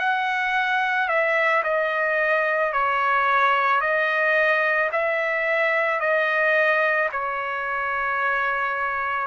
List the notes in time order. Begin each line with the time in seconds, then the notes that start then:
0.00 F#5
1.09 E5
1.64 D#5
2.73 C#5
3.81 D#5
4.92 E5
6.00 D#5
7.13 C#5